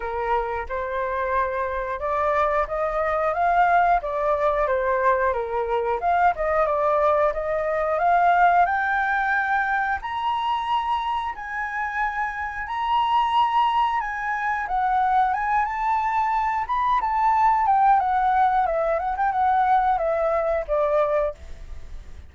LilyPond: \new Staff \with { instrumentName = "flute" } { \time 4/4 \tempo 4 = 90 ais'4 c''2 d''4 | dis''4 f''4 d''4 c''4 | ais'4 f''8 dis''8 d''4 dis''4 | f''4 g''2 ais''4~ |
ais''4 gis''2 ais''4~ | ais''4 gis''4 fis''4 gis''8 a''8~ | a''4 b''8 a''4 g''8 fis''4 | e''8 fis''16 g''16 fis''4 e''4 d''4 | }